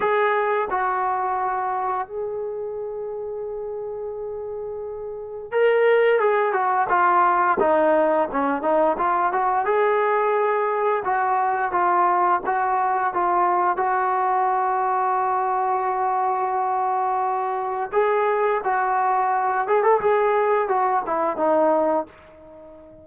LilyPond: \new Staff \with { instrumentName = "trombone" } { \time 4/4 \tempo 4 = 87 gis'4 fis'2 gis'4~ | gis'1 | ais'4 gis'8 fis'8 f'4 dis'4 | cis'8 dis'8 f'8 fis'8 gis'2 |
fis'4 f'4 fis'4 f'4 | fis'1~ | fis'2 gis'4 fis'4~ | fis'8 gis'16 a'16 gis'4 fis'8 e'8 dis'4 | }